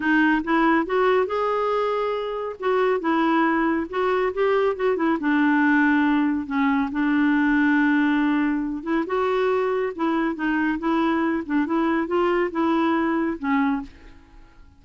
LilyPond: \new Staff \with { instrumentName = "clarinet" } { \time 4/4 \tempo 4 = 139 dis'4 e'4 fis'4 gis'4~ | gis'2 fis'4 e'4~ | e'4 fis'4 g'4 fis'8 e'8 | d'2. cis'4 |
d'1~ | d'8 e'8 fis'2 e'4 | dis'4 e'4. d'8 e'4 | f'4 e'2 cis'4 | }